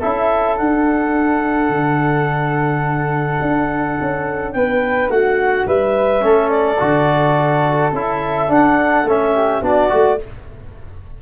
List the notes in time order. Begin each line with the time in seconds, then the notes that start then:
0.00 C#4 E4 A4 E5
0.57 D4 F#5
1.69 D3
3.42 D4
4.01 C#4
4.53 B3 B4 G5
5.09 A3 F#4 F#5
5.66 G3 B4 E5
6.20 A3 C#4 A4
6.50 D5
6.79 D3 F#4
7.93 C#4 E4 E5
8.48 D4 F#5
9.04 A3 C#4 E5
9.34 G4
9.61 B3 D4 F#4 D5
9.90 A3 F#4